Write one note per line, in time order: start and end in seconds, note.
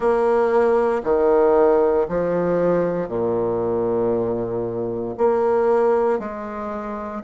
0.00 1.02 A#3
1.03 2.07 D#3
2.08 3.08 F3
3.08 5.15 A#2
5.17 6.19 A#3
6.19 7.22 G#3